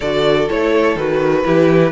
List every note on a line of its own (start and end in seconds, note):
0.00 0.49 D3
0.00 0.48 F#4
0.00 1.43 A4
0.00 0.48 D5
0.48 0.95 A3
0.48 0.97 E4
0.48 0.97 C#5
0.95 1.43 D#3
0.95 1.44 F#4
0.95 1.91 B4
1.44 1.91 E3
1.44 1.91 E4
1.44 1.91 G4